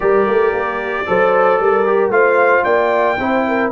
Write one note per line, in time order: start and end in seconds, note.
0.00 0.27 G3
0.00 1.05 G4
0.00 1.06 A#4
0.00 2.10 D5
0.27 0.52 A3
0.52 1.05 A#3
1.06 1.60 F#3
1.06 1.86 A4
1.06 1.61 C5
1.60 2.09 G3
1.60 2.13 A#4
1.86 2.11 G4
2.09 2.62 A3
2.09 3.17 F4
2.09 2.64 C5
2.09 2.64 F5
2.64 3.18 A#3
2.64 3.17 D5
2.64 3.70 G5
3.18 3.71 C4
3.18 3.72 E4
3.18 3.45 C5
3.47 3.72 A#4